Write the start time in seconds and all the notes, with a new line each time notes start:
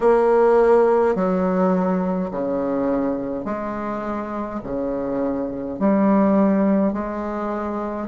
0.00 A#3
1.15 F#3
2.31 C#3
3.45 G#3
4.63 C#3
5.79 G3
6.92 G#3